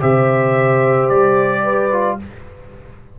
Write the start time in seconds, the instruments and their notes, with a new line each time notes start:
0.00 tuba C3, trombone G4, horn C5, trumpet E5
1.09 tuba G3, trumpet D5
1.64 horn B4
1.92 trombone F4